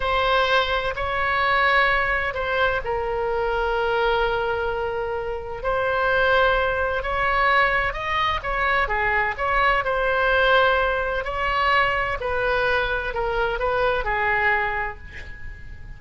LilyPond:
\new Staff \with { instrumentName = "oboe" } { \time 4/4 \tempo 4 = 128 c''2 cis''2~ | cis''4 c''4 ais'2~ | ais'1 | c''2. cis''4~ |
cis''4 dis''4 cis''4 gis'4 | cis''4 c''2. | cis''2 b'2 | ais'4 b'4 gis'2 | }